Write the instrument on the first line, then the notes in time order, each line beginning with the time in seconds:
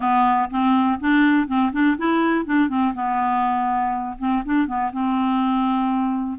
clarinet
0.00 B3
0.50 C4
1.00 D4
1.47 C4
1.72 D4
1.97 E4
2.45 D4
2.68 C4
2.94 B3
4.18 C4
4.45 D4
4.66 B3
4.92 C4